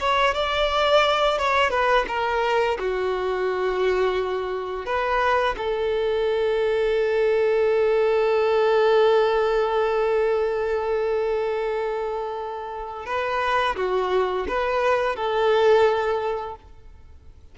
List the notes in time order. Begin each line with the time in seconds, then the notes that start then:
0.00 C#5
0.35 D5
1.39 C#5
1.71 B4
2.08 A#4
2.79 F#4
4.86 B4
5.58 A4
13.06 B4
13.77 F#4
14.49 B4
15.16 A4